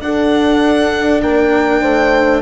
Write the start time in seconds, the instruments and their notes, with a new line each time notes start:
0.00 bassoon D4, cello D4, horn A4, violin F#5
1.22 bassoon A#3, horn A#4, violin G5
1.81 bassoon A3, horn C5